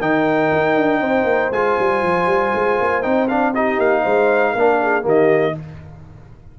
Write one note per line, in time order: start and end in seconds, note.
0.00 0.51 D#3
0.00 1.53 D#4
0.00 1.01 A#4
0.00 1.52 G5
0.52 0.76 D#4
0.76 1.01 D4
1.01 1.24 C4
1.01 3.53 C5
1.24 1.49 A#3
1.51 1.77 G#3
1.51 3.03 F4
1.51 3.03 G#5
1.79 2.03 G3
2.03 2.27 F3
2.27 2.52 G3
2.55 2.80 G#3
2.81 3.05 A#3
3.03 3.79 C4
3.03 3.28 D#4
3.03 3.28 G5
3.29 3.54 D4
3.29 3.54 F5
3.55 4.57 D#4
3.55 4.02 G4
3.55 3.80 D#5
3.79 4.04 A#3
3.79 5.06 F5
4.02 4.55 G#3
4.02 4.52 C5
4.52 5.05 A#3
4.52 5.02 D4
4.52 4.77 A#4
4.82 5.05 G#4
5.02 5.56 D#3
5.02 5.53 A#3
5.02 5.55 G4
5.09 5.60 D#5